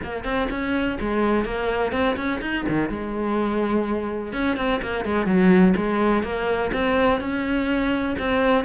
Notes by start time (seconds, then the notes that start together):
0.03 A#3
0.24 C4
0.49 C#4
1.00 G#3
1.44 A#3
1.92 C4
2.16 C#4
2.41 D#4
2.68 D#3
2.89 G#3
4.32 C#4
4.56 C4
4.82 A#3
5.04 G#3
5.26 F#3
5.76 G#3
6.23 A#3
6.72 C4
7.20 C#4
8.18 C4